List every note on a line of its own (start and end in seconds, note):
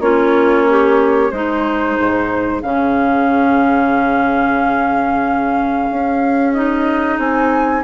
0.00 1.30 A#3
0.00 1.31 C#4
0.00 0.68 F4
0.00 1.31 C#5
0.70 1.34 G4
1.31 1.97 G#3
1.31 2.63 D#4
1.31 7.85 G#4
1.31 2.62 C5
2.00 2.63 G#2
2.62 5.89 C#3
2.62 6.54 C#4
2.62 6.54 F5
5.91 7.19 C#4
6.54 7.85 D#4
6.54 7.19 D#5
7.19 7.84 C4
7.19 7.85 G#5